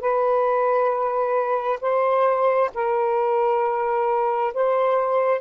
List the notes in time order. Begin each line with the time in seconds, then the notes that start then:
0.00 B4
1.81 C5
2.74 A#4
4.53 C5